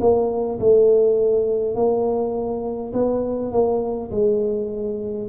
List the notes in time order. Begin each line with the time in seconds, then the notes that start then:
0.00 A#3
0.59 A3
1.75 A#3
2.93 B3
3.52 A#3
4.11 G#3